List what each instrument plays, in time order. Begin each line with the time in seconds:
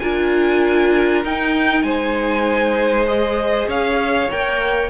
0.00 cello D4, viola F4, violin A#4 G#5
1.24 viola D#4, cello D#4, violin G5
1.83 cello G#3, violin C5 G#5
3.07 viola G#4, violin D#5
3.67 cello C#4, violin C#5 F5
4.31 cello A#3, viola A#4, violin G5